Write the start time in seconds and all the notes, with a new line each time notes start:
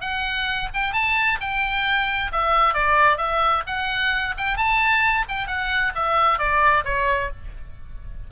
0.00 F#5
0.74 G5
0.93 A5
1.40 G5
2.32 E5
2.73 D5
3.17 E5
3.66 F#5
4.37 G5
4.57 A5
5.28 G5
5.47 F#5
5.95 E5
6.38 D5
6.84 C#5